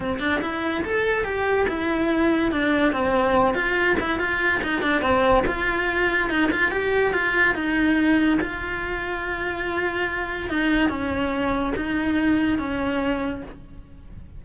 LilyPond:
\new Staff \with { instrumentName = "cello" } { \time 4/4 \tempo 4 = 143 c'8 d'8 e'4 a'4 g'4 | e'2 d'4 c'4~ | c'8 f'4 e'8 f'4 dis'8 d'8 | c'4 f'2 dis'8 f'8 |
g'4 f'4 dis'2 | f'1~ | f'4 dis'4 cis'2 | dis'2 cis'2 | }